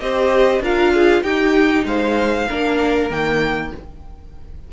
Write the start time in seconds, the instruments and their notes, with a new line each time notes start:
0.00 cello C4, viola G4, violin C5 D#5
0.60 cello D4, viola F4, violin A#4 F5
0.94 violin G#4
1.23 cello D#4, viola D#4, violin G4 G5
1.85 cello G#3, violin C5 F5
2.48 cello A#3, viola D4, violin A#4
3.10 cello D#3, viola A#3, violin G5